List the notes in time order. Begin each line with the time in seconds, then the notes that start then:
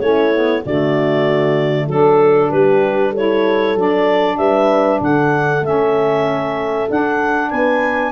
0.00 A3 C#4 E4 C#5
0.33 B3
0.65 D3 A3 F#4 D5
1.86 F#3 D4 A4
2.50 G3 G4 B4
3.10 E4 A4 C#5
3.76 F#3 D4 D5
4.38 G3 B4 E5
5.01 D3 A4 F#5
5.61 A3 C#4 E5
6.89 D4 F#5
7.50 B3 B4 G#5